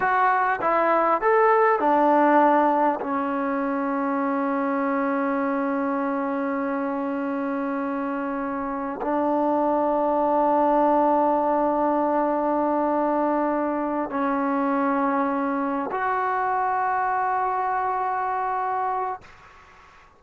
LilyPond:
\new Staff \with { instrumentName = "trombone" } { \time 4/4 \tempo 4 = 100 fis'4 e'4 a'4 d'4~ | d'4 cis'2.~ | cis'1~ | cis'2. d'4~ |
d'1~ | d'2.~ d'8 cis'8~ | cis'2~ cis'8 fis'4.~ | fis'1 | }